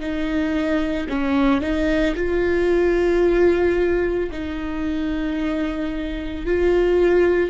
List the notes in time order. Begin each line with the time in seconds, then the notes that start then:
0.00 D#4
1.09 C#4
1.61 D#4
2.16 F4
4.31 D#4
6.46 F4